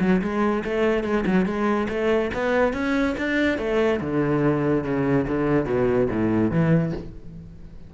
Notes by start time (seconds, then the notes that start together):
0.00 F#3
0.22 G#3
0.64 A3
1.04 G#3
1.26 F#3
1.46 G#3
1.89 A3
2.34 B3
2.73 C#4
3.18 D4
3.58 A3
4.01 D3
4.84 C#3
5.28 D3
5.66 B2
6.10 A2
6.51 E3